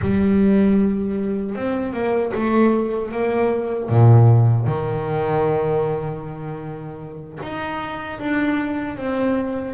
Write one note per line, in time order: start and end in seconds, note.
0.01 1.55 G3
1.55 1.93 C4
1.93 2.32 A#3
2.34 3.11 A3
3.11 3.89 A#3
3.89 4.66 A#2
4.66 7.39 D#3
7.42 8.19 D#4
8.19 8.96 D4
8.96 9.74 C4